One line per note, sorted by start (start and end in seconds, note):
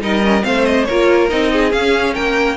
0.00 0.43 G3
0.00 0.22 D#4
0.00 0.45 A#4
0.00 0.44 D#5
0.22 0.42 C#4
0.42 0.87 A3
0.42 0.84 C4
0.42 0.87 C5
0.42 0.65 F5
0.65 0.84 D#5
0.84 1.31 A#3
0.84 1.52 A#4
0.84 1.27 C#5
0.90 1.29 F4
1.29 1.72 C4
1.29 1.70 D#4
1.29 1.71 D#5
1.52 2.14 G#4
1.70 2.56 C#4
1.70 2.15 C#4
1.70 2.14 F5
2.14 2.56 A#3
2.14 2.56 A#4
2.14 2.56 G5